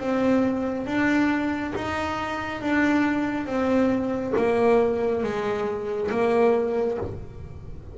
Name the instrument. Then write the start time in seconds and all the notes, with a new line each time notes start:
double bass
0.00 C4
0.87 D4
1.76 D#4
2.62 D4
3.47 C4
4.37 A#3
5.24 G#3
6.11 A#3